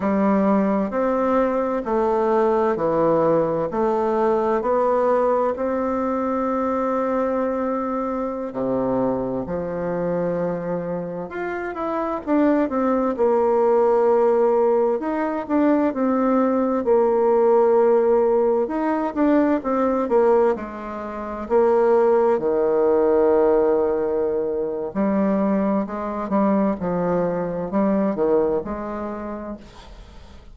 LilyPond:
\new Staff \with { instrumentName = "bassoon" } { \time 4/4 \tempo 4 = 65 g4 c'4 a4 e4 | a4 b4 c'2~ | c'4~ c'16 c4 f4.~ f16~ | f16 f'8 e'8 d'8 c'8 ais4.~ ais16~ |
ais16 dis'8 d'8 c'4 ais4.~ ais16~ | ais16 dis'8 d'8 c'8 ais8 gis4 ais8.~ | ais16 dis2~ dis8. g4 | gis8 g8 f4 g8 dis8 gis4 | }